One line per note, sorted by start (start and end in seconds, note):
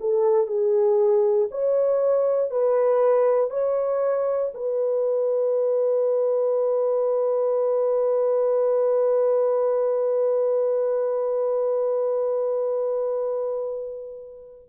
0.00 0.47 A4
0.47 1.49 G#4
1.51 2.51 C#5
2.51 3.50 B4
3.50 4.52 C#5
4.54 14.69 B4